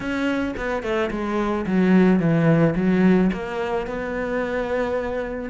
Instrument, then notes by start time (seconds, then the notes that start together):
cello
0.00 C#4
0.56 B3
0.82 A3
1.10 G#3
1.66 F#3
2.19 E3
2.75 F#3
3.33 A#3
3.86 B3